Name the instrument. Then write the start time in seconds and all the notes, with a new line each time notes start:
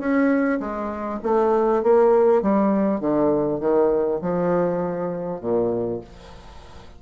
bassoon
0.00 C#4
0.60 G#3
1.24 A3
1.84 A#3
2.42 G3
3.01 D3
3.61 D#3
4.22 F3
5.41 A#2